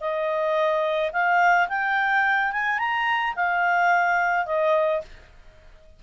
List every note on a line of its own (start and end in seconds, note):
0.00 1.11 D#5
1.12 1.68 F5
1.69 2.52 G5
2.53 2.79 G#5
2.79 3.34 A#5
3.36 4.46 F5
4.46 5.01 D#5